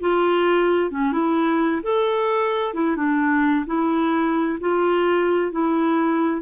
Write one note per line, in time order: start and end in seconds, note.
0.00 0.91 F4
0.91 1.12 C#4
1.12 1.81 E4
1.83 2.74 A4
2.74 2.96 E4
2.96 3.65 D4
3.66 4.58 E4
4.60 5.52 F4
5.52 6.41 E4